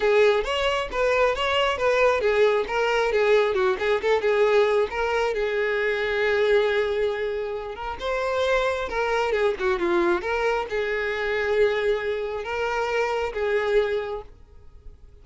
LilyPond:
\new Staff \with { instrumentName = "violin" } { \time 4/4 \tempo 4 = 135 gis'4 cis''4 b'4 cis''4 | b'4 gis'4 ais'4 gis'4 | fis'8 gis'8 a'8 gis'4. ais'4 | gis'1~ |
gis'4. ais'8 c''2 | ais'4 gis'8 fis'8 f'4 ais'4 | gis'1 | ais'2 gis'2 | }